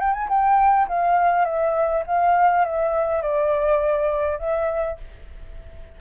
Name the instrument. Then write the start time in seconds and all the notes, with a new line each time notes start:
flute
0.00 G5
0.14 G#5
0.29 G5
0.88 F5
1.45 E5
2.07 F5
2.65 E5
3.22 D5
4.39 E5